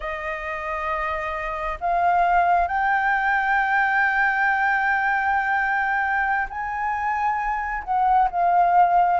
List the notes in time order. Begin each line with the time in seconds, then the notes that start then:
0.00 D#5
1.80 F5
2.67 G5
6.49 G#5
7.84 F#5
8.30 F5